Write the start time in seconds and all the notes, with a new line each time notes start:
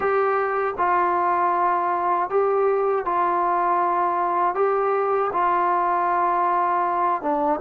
0.00 G4
0.77 F4
2.29 G4
3.05 F4
4.55 G4
5.33 F4
7.22 D4